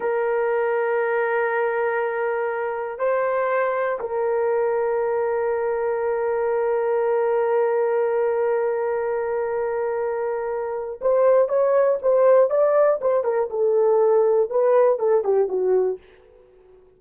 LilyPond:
\new Staff \with { instrumentName = "horn" } { \time 4/4 \tempo 4 = 120 ais'1~ | ais'2 c''2 | ais'1~ | ais'1~ |
ais'1~ | ais'2 c''4 cis''4 | c''4 d''4 c''8 ais'8 a'4~ | a'4 b'4 a'8 g'8 fis'4 | }